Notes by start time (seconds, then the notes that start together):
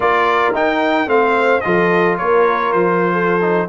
0.00 A#3 F4 A#4 D5
0.54 D#4 G5
1.06 A3 C4 C5 F5
1.61 F3 F4 A4 D#5
2.17 A#3 A#4 C#5
2.72 F3 C5
3.13 A4
3.40 D#4